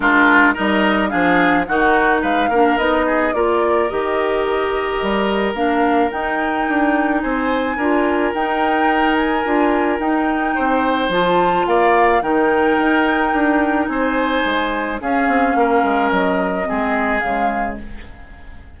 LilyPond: <<
  \new Staff \with { instrumentName = "flute" } { \time 4/4 \tempo 4 = 108 ais'4 dis''4 f''4 fis''4 | f''4 dis''4 d''4 dis''4~ | dis''2 f''4 g''4~ | g''4 gis''2 g''4~ |
g''8 gis''4. g''2 | a''4 f''4 g''2~ | g''4 gis''2 f''4~ | f''4 dis''2 f''4 | }
  \new Staff \with { instrumentName = "oboe" } { \time 4/4 f'4 ais'4 gis'4 fis'4 | b'8 ais'4 gis'8 ais'2~ | ais'1~ | ais'4 c''4 ais'2~ |
ais'2. c''4~ | c''4 d''4 ais'2~ | ais'4 c''2 gis'4 | ais'2 gis'2 | }
  \new Staff \with { instrumentName = "clarinet" } { \time 4/4 d'4 dis'4 d'4 dis'4~ | dis'8 d'8 dis'4 f'4 g'4~ | g'2 d'4 dis'4~ | dis'2 f'4 dis'4~ |
dis'4 f'4 dis'2 | f'2 dis'2~ | dis'2. cis'4~ | cis'2 c'4 gis4 | }
  \new Staff \with { instrumentName = "bassoon" } { \time 4/4 gis4 g4 f4 dis4 | gis8 ais8 b4 ais4 dis4~ | dis4 g4 ais4 dis'4 | d'4 c'4 d'4 dis'4~ |
dis'4 d'4 dis'4 c'4 | f4 ais4 dis4 dis'4 | d'4 c'4 gis4 cis'8 c'8 | ais8 gis8 fis4 gis4 cis4 | }
>>